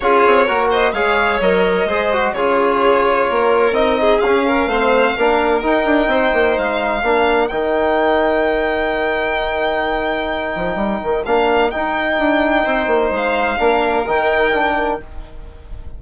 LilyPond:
<<
  \new Staff \with { instrumentName = "violin" } { \time 4/4 \tempo 4 = 128 cis''4. dis''8 f''4 dis''4~ | dis''4 cis''2. | dis''4 f''2. | g''2 f''2 |
g''1~ | g''1 | f''4 g''2. | f''2 g''2 | }
  \new Staff \with { instrumentName = "violin" } { \time 4/4 gis'4 ais'8 c''8 cis''2 | c''4 gis'2 ais'4~ | ais'8 gis'4 ais'8 c''4 ais'4~ | ais'4 c''2 ais'4~ |
ais'1~ | ais'1~ | ais'2. c''4~ | c''4 ais'2. | }
  \new Staff \with { instrumentName = "trombone" } { \time 4/4 f'4 fis'4 gis'4 ais'4 | gis'8 fis'8 f'2. | dis'4 cis'4 c'4 d'4 | dis'2. d'4 |
dis'1~ | dis'1 | d'4 dis'2.~ | dis'4 d'4 dis'4 d'4 | }
  \new Staff \with { instrumentName = "bassoon" } { \time 4/4 cis'8 c'8 ais4 gis4 fis4 | gis4 cis2 ais4 | c'4 cis'4 a4 ais4 | dis'8 d'8 c'8 ais8 gis4 ais4 |
dis1~ | dis2~ dis8 f8 g8 dis8 | ais4 dis'4 d'4 c'8 ais8 | gis4 ais4 dis2 | }
>>